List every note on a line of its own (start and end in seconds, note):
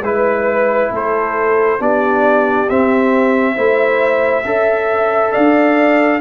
0.00 0.88 G#3
0.00 1.79 E4
0.00 0.92 B4
0.00 0.91 B4
0.91 1.80 A3
0.91 1.79 A4
0.91 1.81 C5
1.79 2.68 B3
1.79 2.67 D4
1.79 3.55 G4
1.79 2.69 D5
2.69 3.57 C4
2.69 3.55 C4
2.69 5.32 E5
3.55 4.44 A3
3.55 4.43 E4
3.55 4.43 C5
4.44 5.33 C#4
4.44 6.21 A4
4.44 5.32 E5
5.32 6.21 D4
5.32 6.20 D5
5.32 6.20 F5